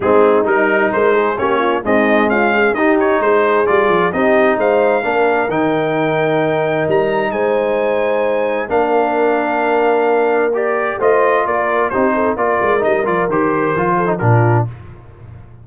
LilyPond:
<<
  \new Staff \with { instrumentName = "trumpet" } { \time 4/4 \tempo 4 = 131 gis'4 ais'4 c''4 cis''4 | dis''4 f''4 dis''8 cis''8 c''4 | d''4 dis''4 f''2 | g''2. ais''4 |
gis''2. f''4~ | f''2. d''4 | dis''4 d''4 c''4 d''4 | dis''8 d''8 c''2 ais'4 | }
  \new Staff \with { instrumentName = "horn" } { \time 4/4 dis'2 ais'8 gis'8 g'8 f'8 | dis'4 f'8 gis'8 g'4 gis'4~ | gis'4 g'4 c''4 ais'4~ | ais'1 |
c''2. ais'4~ | ais'1 | c''4 ais'4 g'8 a'8 ais'4~ | ais'2~ ais'8 a'8 f'4 | }
  \new Staff \with { instrumentName = "trombone" } { \time 4/4 c'4 dis'2 cis'4 | gis2 dis'2 | f'4 dis'2 d'4 | dis'1~ |
dis'2. d'4~ | d'2. g'4 | f'2 dis'4 f'4 | dis'8 f'8 g'4 f'8. dis'16 d'4 | }
  \new Staff \with { instrumentName = "tuba" } { \time 4/4 gis4 g4 gis4 ais4 | c'4 cis'4 dis'4 gis4 | g8 f8 c'4 gis4 ais4 | dis2. g4 |
gis2. ais4~ | ais1 | a4 ais4 c'4 ais8 gis8 | g8 f8 dis4 f4 ais,4 | }
>>